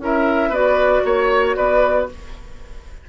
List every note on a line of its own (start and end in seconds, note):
0.00 0.49 C#4
0.00 0.53 E4
0.00 0.50 A#4
0.00 0.54 E5
0.49 1.01 B3
0.49 2.10 F#4
0.49 1.02 B4
0.49 1.06 D5
1.05 1.57 A#3
1.05 1.57 C#5
1.57 2.09 B3
1.57 2.09 B4
1.57 2.09 D5